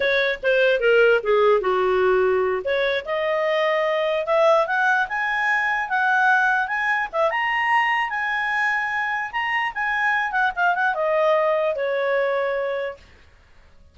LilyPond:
\new Staff \with { instrumentName = "clarinet" } { \time 4/4 \tempo 4 = 148 cis''4 c''4 ais'4 gis'4 | fis'2~ fis'8 cis''4 dis''8~ | dis''2~ dis''8 e''4 fis''8~ | fis''8 gis''2 fis''4.~ |
fis''8 gis''4 e''8 ais''2 | gis''2. ais''4 | gis''4. fis''8 f''8 fis''8 dis''4~ | dis''4 cis''2. | }